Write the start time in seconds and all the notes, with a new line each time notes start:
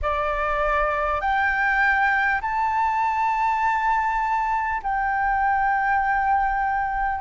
0.02 D5
1.20 G5
2.41 A5
4.83 G5